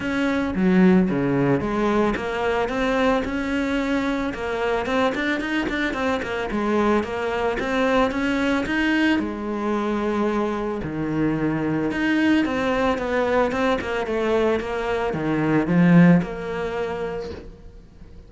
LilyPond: \new Staff \with { instrumentName = "cello" } { \time 4/4 \tempo 4 = 111 cis'4 fis4 cis4 gis4 | ais4 c'4 cis'2 | ais4 c'8 d'8 dis'8 d'8 c'8 ais8 | gis4 ais4 c'4 cis'4 |
dis'4 gis2. | dis2 dis'4 c'4 | b4 c'8 ais8 a4 ais4 | dis4 f4 ais2 | }